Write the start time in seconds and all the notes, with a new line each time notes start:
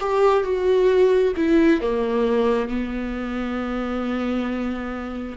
0.00 G4
0.43 F#4
1.36 E4
1.81 A#3
2.68 B3